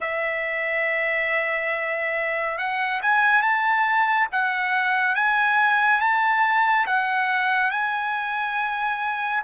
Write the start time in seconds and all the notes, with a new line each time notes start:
0.00 E5
2.58 F#5
3.02 G#5
3.41 A5
4.32 F#5
5.15 G#5
6.00 A5
6.86 F#5
7.70 G#5